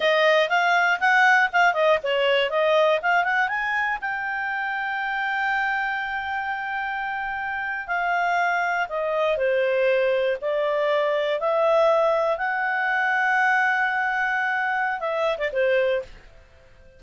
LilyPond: \new Staff \with { instrumentName = "clarinet" } { \time 4/4 \tempo 4 = 120 dis''4 f''4 fis''4 f''8 dis''8 | cis''4 dis''4 f''8 fis''8 gis''4 | g''1~ | g''2.~ g''8. f''16~ |
f''4.~ f''16 dis''4 c''4~ c''16~ | c''8. d''2 e''4~ e''16~ | e''8. fis''2.~ fis''16~ | fis''2 e''8. d''16 c''4 | }